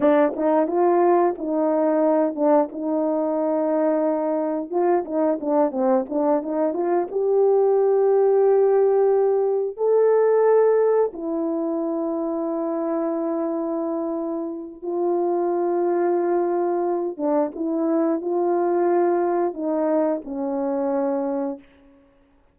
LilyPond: \new Staff \with { instrumentName = "horn" } { \time 4/4 \tempo 4 = 89 d'8 dis'8 f'4 dis'4. d'8 | dis'2. f'8 dis'8 | d'8 c'8 d'8 dis'8 f'8 g'4.~ | g'2~ g'8 a'4.~ |
a'8 e'2.~ e'8~ | e'2 f'2~ | f'4. d'8 e'4 f'4~ | f'4 dis'4 cis'2 | }